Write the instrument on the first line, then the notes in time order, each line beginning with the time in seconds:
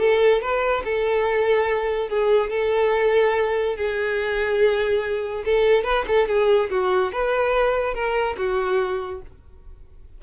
violin
0.00 A4
0.42 B4
0.85 A4
2.09 G#4
2.51 A4
3.77 G#4
5.45 A4
5.84 B4
6.08 A4
6.28 G#4
6.71 F#4
7.13 B4
7.95 A#4
8.38 F#4